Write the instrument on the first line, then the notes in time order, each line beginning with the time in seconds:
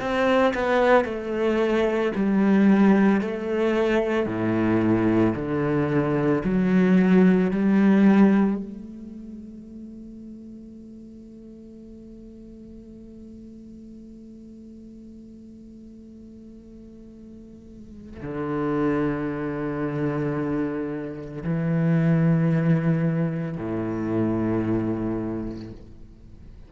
cello
0.00 C4
0.55 B3
1.05 A3
2.16 G3
3.21 A3
4.27 A2
5.36 D3
6.44 F#3
7.51 G3
8.57 A3
18.22 D3
21.44 E3
23.58 A2